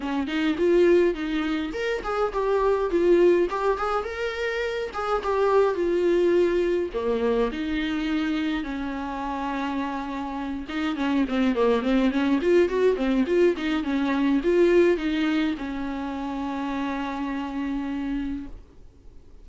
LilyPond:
\new Staff \with { instrumentName = "viola" } { \time 4/4 \tempo 4 = 104 cis'8 dis'8 f'4 dis'4 ais'8 gis'8 | g'4 f'4 g'8 gis'8 ais'4~ | ais'8 gis'8 g'4 f'2 | ais4 dis'2 cis'4~ |
cis'2~ cis'8 dis'8 cis'8 c'8 | ais8 c'8 cis'8 f'8 fis'8 c'8 f'8 dis'8 | cis'4 f'4 dis'4 cis'4~ | cis'1 | }